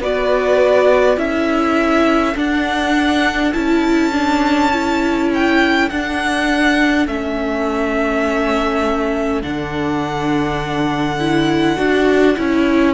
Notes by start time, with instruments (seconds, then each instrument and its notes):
0.00 cello B3, viola F#4, violin B4 D5
1.17 cello C#4, viola E4, violin A4 E5
2.35 viola D4, cello D4, violin F#5
3.53 cello C#4, viola E4, violin A5
4.12 viola D4
4.73 viola E4
5.34 violin G5
5.89 cello D4, viola D4, violin F#5
7.07 cello A3, viola C#4, violin E5
9.42 cello D3, viola D4, violin F#5
11.20 viola E4
11.76 cello D4, viola F#4
12.36 cello C#4, viola E4